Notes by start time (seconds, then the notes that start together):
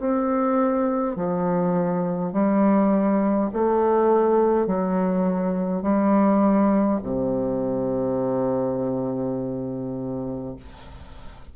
0.00 C4
1.16 F3
2.33 G3
3.53 A3
4.67 F#3
5.82 G3
7.03 C3